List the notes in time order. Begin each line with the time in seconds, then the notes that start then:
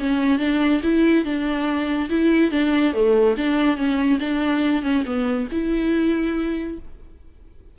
0.00 C#4
0.39 D4
0.83 E4
1.25 D4
2.10 E4
2.52 D4
2.94 A3
3.37 D4
3.77 C#4
4.20 D4
4.83 C#4
5.06 B3
5.52 E4